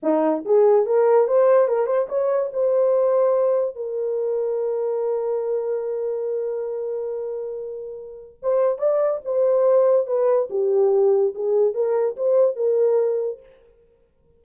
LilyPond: \new Staff \with { instrumentName = "horn" } { \time 4/4 \tempo 4 = 143 dis'4 gis'4 ais'4 c''4 | ais'8 c''8 cis''4 c''2~ | c''4 ais'2.~ | ais'1~ |
ais'1 | c''4 d''4 c''2 | b'4 g'2 gis'4 | ais'4 c''4 ais'2 | }